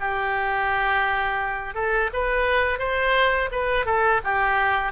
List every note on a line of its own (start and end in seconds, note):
0.00 1.74 G4
1.74 2.10 A4
2.13 2.79 B4
2.79 3.49 C5
3.51 3.85 B4
3.85 4.20 A4
4.24 4.92 G4